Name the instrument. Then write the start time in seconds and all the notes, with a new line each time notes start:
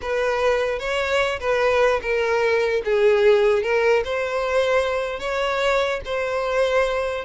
violin
0.01 B4
0.79 C#5
1.39 B4
2.01 A#4
2.84 G#4
3.62 A#4
4.04 C5
5.19 C#5
6.05 C5